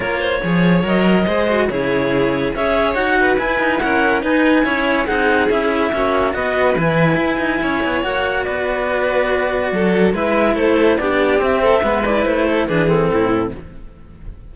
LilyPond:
<<
  \new Staff \with { instrumentName = "clarinet" } { \time 4/4 \tempo 4 = 142 cis''2 dis''2 | cis''2 e''4 fis''4 | gis''4 fis''4 gis''2 | fis''4 e''2 dis''4 |
gis''2. fis''4 | d''1 | e''4 c''4 d''4 e''4~ | e''8 d''8 c''4 b'8 a'4. | }
  \new Staff \with { instrumentName = "violin" } { \time 4/4 ais'8 c''8 cis''2 c''4 | gis'2 cis''4. b'8~ | b'4 ais'4 b'4 cis''4 | gis'2 fis'4 b'4~ |
b'2 cis''2 | b'2. a'4 | b'4 a'4 g'4. a'8 | b'4. a'8 gis'4 e'4 | }
  \new Staff \with { instrumentName = "cello" } { \time 4/4 f'4 gis'4 ais'4 gis'8 fis'8 | e'2 gis'4 fis'4 | e'8 dis'8 cis'4 dis'4 e'4 | dis'4 e'4 cis'4 fis'4 |
e'2. fis'4~ | fis'1 | e'2 d'4 c'4 | b8 e'4. d'8 c'4. | }
  \new Staff \with { instrumentName = "cello" } { \time 4/4 ais4 f4 fis4 gis4 | cis2 cis'4 dis'4 | e'2 dis'4 cis'4 | c'4 cis'4 ais4 b4 |
e4 e'8 dis'8 cis'8 b8 ais4 | b2. fis4 | gis4 a4 b4 c'4 | gis4 a4 e4 a,4 | }
>>